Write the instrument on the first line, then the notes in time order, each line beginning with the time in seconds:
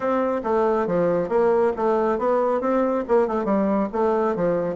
bassoon
0.00 C4
0.43 A3
0.86 F3
1.28 A#3
1.76 A3
2.18 B3
2.60 C4
3.08 A#3
3.27 A3
3.45 G3
3.92 A3
4.35 F3